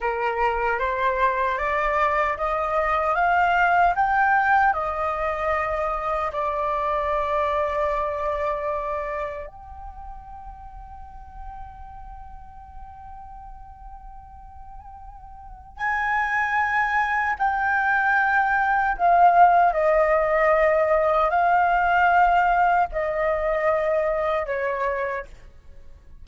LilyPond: \new Staff \with { instrumentName = "flute" } { \time 4/4 \tempo 4 = 76 ais'4 c''4 d''4 dis''4 | f''4 g''4 dis''2 | d''1 | g''1~ |
g''1 | gis''2 g''2 | f''4 dis''2 f''4~ | f''4 dis''2 cis''4 | }